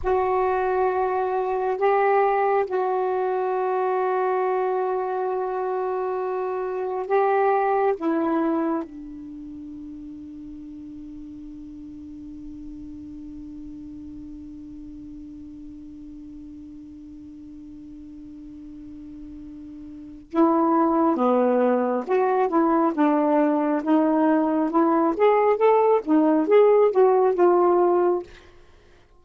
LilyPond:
\new Staff \with { instrumentName = "saxophone" } { \time 4/4 \tempo 4 = 68 fis'2 g'4 fis'4~ | fis'1 | g'4 e'4 d'2~ | d'1~ |
d'1~ | d'2. e'4 | b4 fis'8 e'8 d'4 dis'4 | e'8 gis'8 a'8 dis'8 gis'8 fis'8 f'4 | }